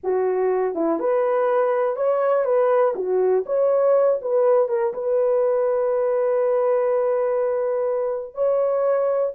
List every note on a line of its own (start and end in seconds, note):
0.03 0.74 F#4
0.74 0.99 E4
0.99 1.96 B4
1.96 2.45 C#5
2.45 2.94 B4
2.95 3.44 F#4
3.46 4.19 C#5
4.21 4.68 B4
4.68 4.93 A#4
4.93 8.34 B4
8.34 9.32 C#5